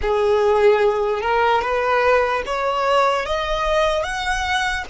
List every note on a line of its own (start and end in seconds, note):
0.01 1.21 G#4
1.21 1.61 A#4
1.61 2.42 B4
2.45 3.25 C#5
3.25 4.03 D#5
4.03 4.84 F#5